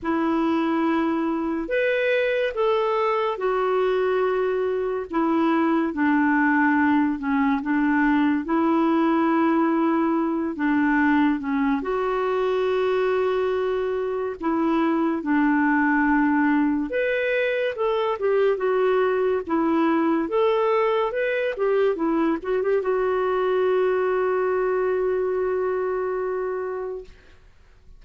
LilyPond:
\new Staff \with { instrumentName = "clarinet" } { \time 4/4 \tempo 4 = 71 e'2 b'4 a'4 | fis'2 e'4 d'4~ | d'8 cis'8 d'4 e'2~ | e'8 d'4 cis'8 fis'2~ |
fis'4 e'4 d'2 | b'4 a'8 g'8 fis'4 e'4 | a'4 b'8 g'8 e'8 fis'16 g'16 fis'4~ | fis'1 | }